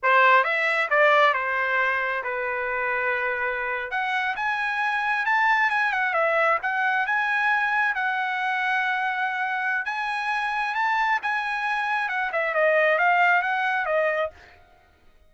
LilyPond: \new Staff \with { instrumentName = "trumpet" } { \time 4/4 \tempo 4 = 134 c''4 e''4 d''4 c''4~ | c''4 b'2.~ | b'8. fis''4 gis''2 a''16~ | a''8. gis''8 fis''8 e''4 fis''4 gis''16~ |
gis''4.~ gis''16 fis''2~ fis''16~ | fis''2 gis''2 | a''4 gis''2 fis''8 e''8 | dis''4 f''4 fis''4 dis''4 | }